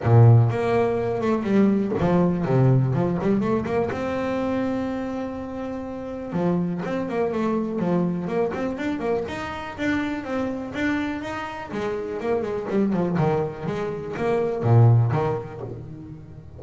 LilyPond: \new Staff \with { instrumentName = "double bass" } { \time 4/4 \tempo 4 = 123 ais,4 ais4. a8 g4 | f4 c4 f8 g8 a8 ais8 | c'1~ | c'4 f4 c'8 ais8 a4 |
f4 ais8 c'8 d'8 ais8 dis'4 | d'4 c'4 d'4 dis'4 | gis4 ais8 gis8 g8 f8 dis4 | gis4 ais4 ais,4 dis4 | }